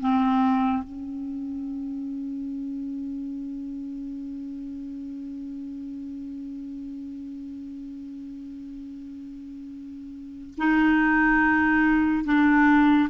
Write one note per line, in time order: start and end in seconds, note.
0.00 0.83 C4
0.83 10.55 C#4
10.57 12.25 D#4
12.25 13.09 D4